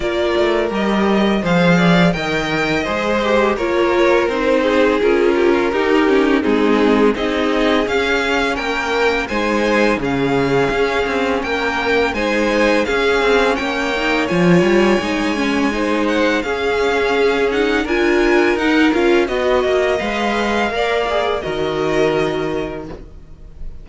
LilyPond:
<<
  \new Staff \with { instrumentName = "violin" } { \time 4/4 \tempo 4 = 84 d''4 dis''4 f''4 g''4 | c''4 cis''4 c''4 ais'4~ | ais'4 gis'4 dis''4 f''4 | g''4 gis''4 f''2 |
g''4 gis''4 f''4 g''4 | gis''2~ gis''8 fis''8 f''4~ | f''8 fis''8 gis''4 fis''8 f''8 dis''4 | f''2 dis''2 | }
  \new Staff \with { instrumentName = "violin" } { \time 4/4 ais'2 c''8 d''8 dis''4~ | dis''4 ais'4. gis'4 g'16 f'16 | g'4 dis'4 gis'2 | ais'4 c''4 gis'2 |
ais'4 c''4 gis'4 cis''4~ | cis''2 c''4 gis'4~ | gis'4 ais'2 dis''4~ | dis''4 d''4 ais'2 | }
  \new Staff \with { instrumentName = "viola" } { \time 4/4 f'4 g'4 gis'4 ais'4 | gis'8 g'8 f'4 dis'4 f'4 | dis'8 cis'8 c'4 dis'4 cis'4~ | cis'4 dis'4 cis'2~ |
cis'4 dis'4 cis'4. dis'8 | f'4 dis'8 cis'8 dis'4 cis'4~ | cis'8 dis'8 f'4 dis'8 f'8 fis'4 | b'4 ais'8 gis'8 fis'2 | }
  \new Staff \with { instrumentName = "cello" } { \time 4/4 ais8 a8 g4 f4 dis4 | gis4 ais4 c'4 cis'4 | dis'4 gis4 c'4 cis'4 | ais4 gis4 cis4 cis'8 c'8 |
ais4 gis4 cis'8 c'8 ais4 | f8 g8 gis2 cis'4~ | cis'4 d'4 dis'8 cis'8 b8 ais8 | gis4 ais4 dis2 | }
>>